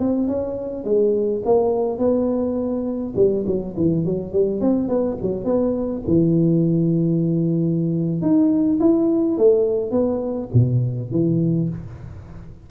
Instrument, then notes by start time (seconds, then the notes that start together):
tuba
0.00 C4
0.28 C#4
0.85 G#3
1.46 A#3
1.99 B3
3.16 G3
3.47 F#3
3.77 E3
4.06 F#3
4.33 G3
4.61 C4
4.89 B3
5.23 F#3
5.45 B3
6.08 E3
8.22 D#4
8.80 E4
9.38 A3
9.92 B3
10.54 B2
11.12 E3